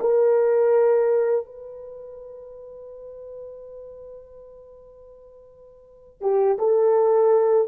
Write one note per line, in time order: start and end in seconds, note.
0.00 1.45 A#4
1.45 6.21 B4
6.21 6.58 G4
6.58 7.68 A4